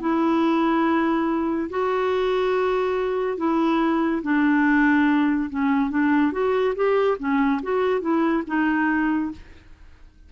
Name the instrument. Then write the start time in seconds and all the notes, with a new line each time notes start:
clarinet
0.00 E4
1.70 F#4
3.37 E4
4.23 D4
5.50 C#4
5.90 D4
6.32 F#4
6.75 G4
7.19 C#4
7.62 F#4
8.01 E4
8.47 D#4